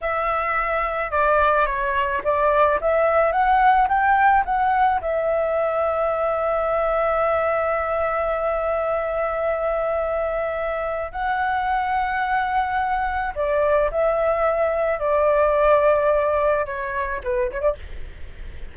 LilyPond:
\new Staff \with { instrumentName = "flute" } { \time 4/4 \tempo 4 = 108 e''2 d''4 cis''4 | d''4 e''4 fis''4 g''4 | fis''4 e''2.~ | e''1~ |
e''1 | fis''1 | d''4 e''2 d''4~ | d''2 cis''4 b'8 cis''16 d''16 | }